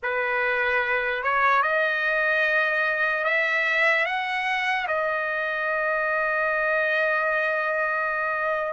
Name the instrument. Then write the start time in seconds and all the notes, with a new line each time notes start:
trumpet
0.03 B4
1.23 C#5
1.62 D#5
3.24 E5
4.05 F#5
4.87 D#5